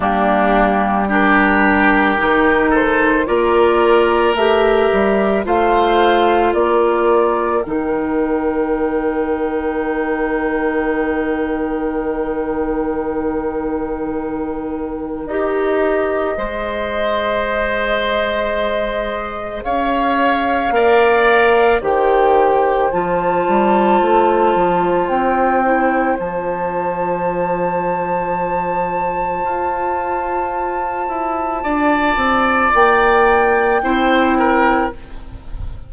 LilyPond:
<<
  \new Staff \with { instrumentName = "flute" } { \time 4/4 \tempo 4 = 55 g'4 ais'4. c''8 d''4 | e''4 f''4 d''4 g''4~ | g''1~ | g''2 dis''2~ |
dis''2 f''2 | g''4 a''2 g''4 | a''1~ | a''2 g''2 | }
  \new Staff \with { instrumentName = "oboe" } { \time 4/4 d'4 g'4. a'8 ais'4~ | ais'4 c''4 ais'2~ | ais'1~ | ais'2. c''4~ |
c''2 cis''4 d''4 | c''1~ | c''1~ | c''4 d''2 c''8 ais'8 | }
  \new Staff \with { instrumentName = "clarinet" } { \time 4/4 ais4 d'4 dis'4 f'4 | g'4 f'2 dis'4~ | dis'1~ | dis'2 g'4 gis'4~ |
gis'2. ais'4 | g'4 f'2~ f'8 e'8 | f'1~ | f'2. e'4 | }
  \new Staff \with { instrumentName = "bassoon" } { \time 4/4 g2 dis4 ais4 | a8 g8 a4 ais4 dis4~ | dis1~ | dis2 dis'4 gis4~ |
gis2 cis'4 ais4 | dis4 f8 g8 a8 f8 c'4 | f2. f'4~ | f'8 e'8 d'8 c'8 ais4 c'4 | }
>>